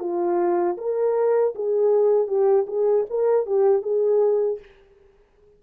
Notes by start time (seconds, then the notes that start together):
0.00 F4
0.78 A#4
1.55 G#4
2.28 G4
2.67 G#4
3.10 A#4
3.46 G4
3.83 G#4